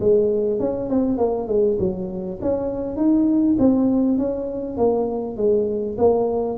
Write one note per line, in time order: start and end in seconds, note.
0.00 0.59 G#3
0.59 0.89 C#4
0.89 1.18 C4
1.18 1.48 A#3
1.48 1.78 G#3
1.79 2.39 F#3
2.41 2.96 C#4
2.96 3.56 D#4
3.59 4.18 C4
4.18 4.77 C#4
4.77 5.37 A#3
5.37 5.97 G#3
5.98 6.58 A#3